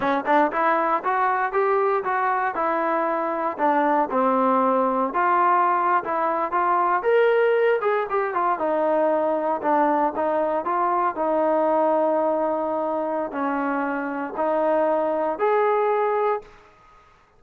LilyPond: \new Staff \with { instrumentName = "trombone" } { \time 4/4 \tempo 4 = 117 cis'8 d'8 e'4 fis'4 g'4 | fis'4 e'2 d'4 | c'2 f'4.~ f'16 e'16~ | e'8. f'4 ais'4. gis'8 g'16~ |
g'16 f'8 dis'2 d'4 dis'16~ | dis'8. f'4 dis'2~ dis'16~ | dis'2 cis'2 | dis'2 gis'2 | }